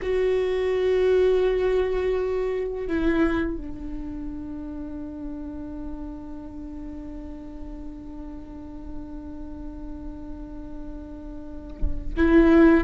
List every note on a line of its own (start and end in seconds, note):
0.02 2.87 F#4
2.87 3.57 E4
3.57 12.14 D4
12.17 12.84 E4